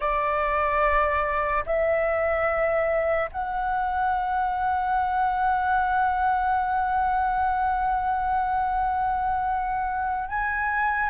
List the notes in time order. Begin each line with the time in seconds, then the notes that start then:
0.00 D5
1.66 E5
3.31 F#5
10.28 G#5